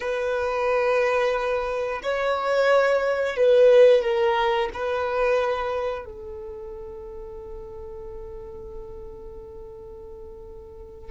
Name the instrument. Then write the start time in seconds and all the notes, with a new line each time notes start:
violin
0.00 B4
2.03 C#5
3.36 B4
4.01 A#4
4.73 B4
6.05 A4